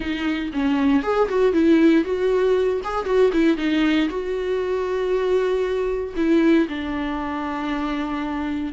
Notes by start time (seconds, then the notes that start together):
0.00 D#4
0.53 C#4
1.02 G#4
1.28 F#4
1.52 E4
2.04 F#4
2.83 G#4
3.05 F#4
3.32 E4
3.57 D#4
4.09 F#4
6.16 E4
6.68 D4